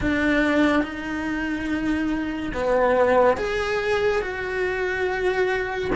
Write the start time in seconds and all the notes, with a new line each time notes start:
0.00 D4
0.83 D#4
2.53 B3
3.36 G#4
4.21 F#4